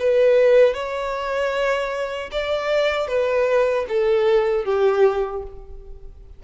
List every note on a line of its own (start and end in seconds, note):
0.00 0.74 B4
0.74 2.30 C#5
2.32 3.08 D5
3.08 3.86 B4
3.89 4.65 A4
4.65 5.43 G4